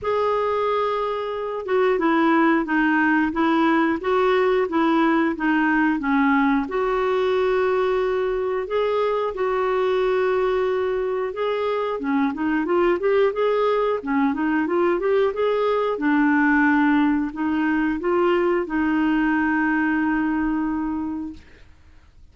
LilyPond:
\new Staff \with { instrumentName = "clarinet" } { \time 4/4 \tempo 4 = 90 gis'2~ gis'8 fis'8 e'4 | dis'4 e'4 fis'4 e'4 | dis'4 cis'4 fis'2~ | fis'4 gis'4 fis'2~ |
fis'4 gis'4 cis'8 dis'8 f'8 g'8 | gis'4 cis'8 dis'8 f'8 g'8 gis'4 | d'2 dis'4 f'4 | dis'1 | }